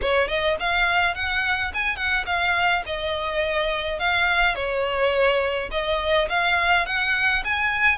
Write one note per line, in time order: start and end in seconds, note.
0.01 0.28 C#5
0.28 0.56 D#5
0.59 1.14 F5
1.14 1.71 F#5
1.74 1.96 G#5
1.96 2.24 F#5
2.26 2.83 F5
2.85 3.99 D#5
3.99 4.55 F5
4.55 5.69 C#5
5.71 6.28 D#5
6.29 6.85 F5
6.85 7.43 F#5
7.44 7.98 G#5